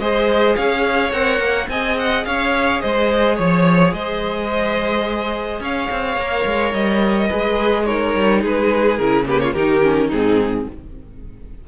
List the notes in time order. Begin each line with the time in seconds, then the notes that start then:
0.00 G#3 G#4 C5 D#5
0.56 C#4 C#5 F5
1.12 C4 A#4 F#5
1.40 A#3
1.69 C4 G#4 D#5 G#5
1.99 F#5
2.25 C#4 C#5 F5
2.82 G#3 C5 D#5
3.36 F3 C#5
3.93 G#3 C5 D#5
5.61 C#4 C#5 F5
5.91 C4
6.17 A#3 A#4
6.46 G#3
6.74 G3 D#5
7.28 G#3 G#4 B4
7.86 D#4 A#4 C#5
8.16 G3
8.42 G#3 G#4 B4
8.98 C#3 E4 A#4
9.26 A#3 G4 B4
9.41 F4 C#5
9.54 D#3 D#4 G4 A#4
9.83 C#4
10.08 G#2 C4 D#4 G#4